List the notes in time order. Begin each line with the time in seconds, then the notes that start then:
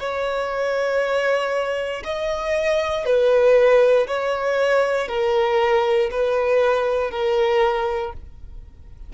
0.00 C#5
2.04 D#5
3.06 B4
4.08 C#5
5.08 A#4
6.11 B4
7.11 A#4